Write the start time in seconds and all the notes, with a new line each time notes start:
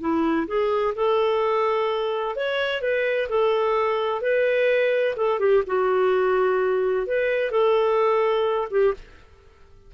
0.00 E4
0.47 G#4
0.95 A4
2.35 C#5
2.81 B4
3.29 A4
4.21 B4
5.16 A4
5.39 G4
5.66 F#4
7.06 B4
7.51 A4
8.70 G4